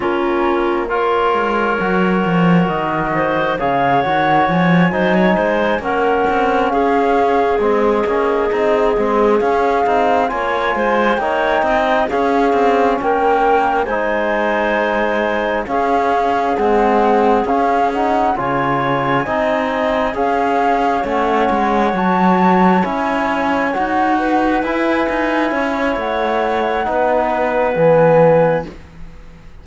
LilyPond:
<<
  \new Staff \with { instrumentName = "flute" } { \time 4/4 \tempo 4 = 67 ais'4 cis''2 dis''4 | f''8 fis''8 gis''4. fis''4 f''8~ | f''8 dis''2 f''4 gis''8~ | gis''8 g''4 f''4 g''4 gis''8~ |
gis''4. f''4 fis''4 f''8 | fis''8 gis''2 f''4 fis''8~ | fis''8 a''4 gis''4 fis''4 gis''8~ | gis''4 fis''2 gis''4 | }
  \new Staff \with { instrumentName = "clarinet" } { \time 4/4 f'4 ais'2~ ais'8 c''8 | cis''4. c''16 cis''16 c''8 ais'4 gis'8~ | gis'2.~ gis'8 cis''8 | c''8 cis''8 dis''8 gis'4 ais'4 c''8~ |
c''4. gis'2~ gis'8~ | gis'8 cis''4 dis''4 cis''4.~ | cis''2. b'4~ | b'8 cis''4. b'2 | }
  \new Staff \with { instrumentName = "trombone" } { \time 4/4 cis'4 f'4 fis'2 | gis'8 fis'4 dis'4 cis'4.~ | cis'8 c'8 cis'8 dis'8 c'8 cis'8 dis'8 f'8~ | f'8 dis'4 cis'2 dis'8~ |
dis'4. cis'4 gis4 cis'8 | dis'8 f'4 dis'4 gis'4 cis'8~ | cis'8 fis'4 e'4 fis'4 e'8~ | e'2 dis'4 b4 | }
  \new Staff \with { instrumentName = "cello" } { \time 4/4 ais4. gis8 fis8 f8 dis4 | cis8 dis8 f8 fis8 gis8 ais8 c'8 cis'8~ | cis'8 gis8 ais8 c'8 gis8 cis'8 c'8 ais8 | gis8 ais8 c'8 cis'8 c'8 ais4 gis8~ |
gis4. cis'4 c'4 cis'8~ | cis'8 cis4 c'4 cis'4 a8 | gis8 fis4 cis'4 dis'4 e'8 | dis'8 cis'8 a4 b4 e4 | }
>>